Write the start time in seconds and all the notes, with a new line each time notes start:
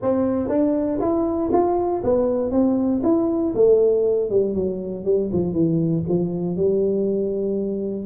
0.02 C4
0.48 D4
1.00 E4
1.52 F4
2.03 B3
2.51 C4
3.03 E4
3.55 A3
4.29 G3
4.54 F#3
5.04 G3
5.32 F3
5.52 E3
6.08 F3
6.56 G3